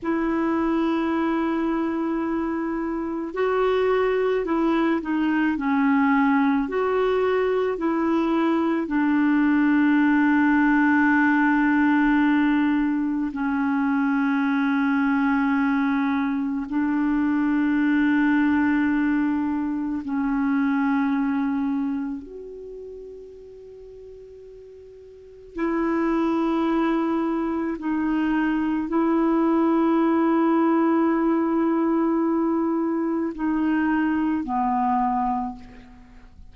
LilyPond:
\new Staff \with { instrumentName = "clarinet" } { \time 4/4 \tempo 4 = 54 e'2. fis'4 | e'8 dis'8 cis'4 fis'4 e'4 | d'1 | cis'2. d'4~ |
d'2 cis'2 | fis'2. e'4~ | e'4 dis'4 e'2~ | e'2 dis'4 b4 | }